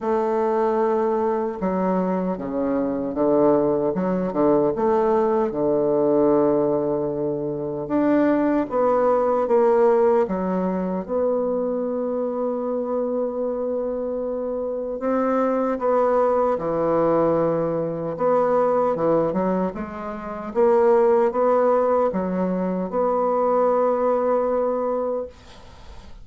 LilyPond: \new Staff \with { instrumentName = "bassoon" } { \time 4/4 \tempo 4 = 76 a2 fis4 cis4 | d4 fis8 d8 a4 d4~ | d2 d'4 b4 | ais4 fis4 b2~ |
b2. c'4 | b4 e2 b4 | e8 fis8 gis4 ais4 b4 | fis4 b2. | }